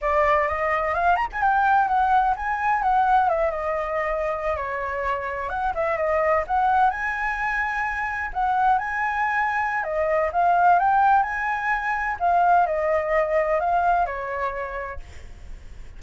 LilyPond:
\new Staff \with { instrumentName = "flute" } { \time 4/4 \tempo 4 = 128 d''4 dis''4 f''8 ais''16 gis''16 g''4 | fis''4 gis''4 fis''4 e''8 dis''8~ | dis''4.~ dis''16 cis''2 fis''16~ | fis''16 e''8 dis''4 fis''4 gis''4~ gis''16~ |
gis''4.~ gis''16 fis''4 gis''4~ gis''16~ | gis''4 dis''4 f''4 g''4 | gis''2 f''4 dis''4~ | dis''4 f''4 cis''2 | }